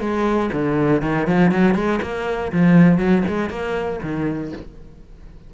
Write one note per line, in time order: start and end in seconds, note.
0.00 0.50 G#3
0.53 1.02 D3
1.02 1.27 D#3
1.27 1.51 F3
1.51 1.75 F#3
1.75 2.00 G#3
2.02 2.52 A#3
2.52 2.98 F3
2.98 3.23 F#3
3.28 3.50 G#3
3.50 4.00 A#3
4.03 4.53 D#3